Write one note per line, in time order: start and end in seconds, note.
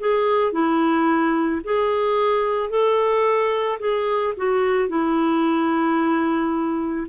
0.00 0.52 G#4
0.52 1.61 E4
1.64 2.70 G#4
2.70 3.79 A4
3.79 4.34 G#4
4.37 4.89 F#4
4.89 7.07 E4